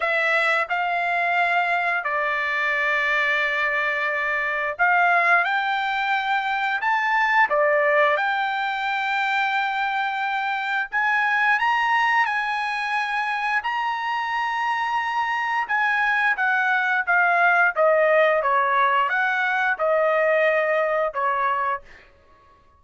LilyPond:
\new Staff \with { instrumentName = "trumpet" } { \time 4/4 \tempo 4 = 88 e''4 f''2 d''4~ | d''2. f''4 | g''2 a''4 d''4 | g''1 |
gis''4 ais''4 gis''2 | ais''2. gis''4 | fis''4 f''4 dis''4 cis''4 | fis''4 dis''2 cis''4 | }